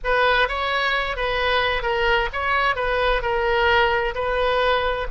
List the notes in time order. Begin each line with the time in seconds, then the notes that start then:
0.03 B4
0.48 C#5
1.16 B4
1.82 A#4
2.32 C#5
2.75 B4
3.22 A#4
4.14 B4